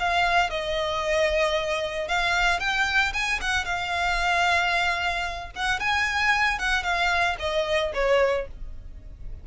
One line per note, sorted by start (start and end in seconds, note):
0.00 0.50 F5
0.50 2.08 D#5
2.08 2.60 F5
2.60 3.13 G5
3.13 3.40 G#5
3.41 3.65 F#5
3.65 5.51 F5
5.56 5.80 F#5
5.80 6.59 G#5
6.59 6.83 F#5
6.83 7.36 F5
7.39 7.92 D#5
7.94 8.47 C#5